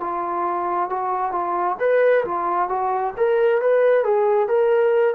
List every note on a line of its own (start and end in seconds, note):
0.00 0.90 F4
0.90 1.32 F#4
1.32 1.77 F4
1.80 2.25 B4
2.25 2.69 F4
2.69 3.13 F#4
3.17 3.61 A#4
3.61 4.04 B4
4.04 4.48 G#4
4.48 5.15 A#4